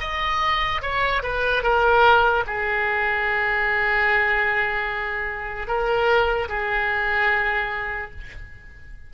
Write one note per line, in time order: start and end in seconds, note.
0.00 0.81 D#5
0.81 1.22 C#5
1.22 1.63 B4
1.63 2.44 A#4
2.46 5.67 G#4
5.67 6.48 A#4
6.48 8.10 G#4